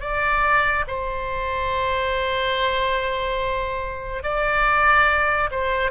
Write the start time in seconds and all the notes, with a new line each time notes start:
0.00 D5
0.87 C5
4.23 D5
5.51 C5